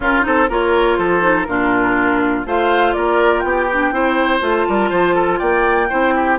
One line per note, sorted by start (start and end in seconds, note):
0.00 0.24 C#4
0.00 0.21 C#4
0.00 0.25 F4
0.00 0.25 A#4
0.21 0.49 C4
0.21 0.46 D#4
0.21 0.49 A4
0.21 0.50 C5
0.49 0.98 A#3
0.49 1.20 F4
0.49 0.98 A#4
0.49 0.98 C#5
0.98 1.47 F3
0.98 1.47 A4
0.98 1.43 C5
1.20 1.45 D#4
1.43 2.45 A#2
1.43 2.46 D4
1.43 2.46 F4
1.43 2.41 A#4
2.45 2.95 A3
2.45 3.69 F4
2.45 2.95 C5
2.45 2.93 F5
2.93 3.43 A#3
2.93 3.44 A#4
2.93 3.39 D5
3.39 3.91 B3
3.39 4.38 G5
3.45 3.94 G4
3.72 3.92 D4
3.91 4.41 C4
3.91 4.40 E4
3.91 4.67 C5
4.40 4.66 A3
4.40 5.88 F4
4.40 5.39 A5
4.68 4.90 G3
4.68 4.90 A#4
4.90 5.39 F3
4.90 5.14 C5
5.14 5.38 A4
5.38 5.90 A#3
5.38 5.88 D5
5.38 6.37 G5
5.89 6.38 C4
5.89 6.38 E4
5.89 6.14 C5
6.15 6.38 G4